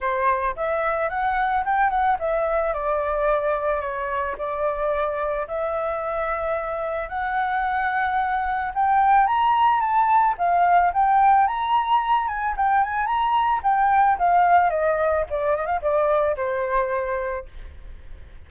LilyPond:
\new Staff \with { instrumentName = "flute" } { \time 4/4 \tempo 4 = 110 c''4 e''4 fis''4 g''8 fis''8 | e''4 d''2 cis''4 | d''2 e''2~ | e''4 fis''2. |
g''4 ais''4 a''4 f''4 | g''4 ais''4. gis''8 g''8 gis''8 | ais''4 g''4 f''4 dis''4 | d''8 dis''16 f''16 d''4 c''2 | }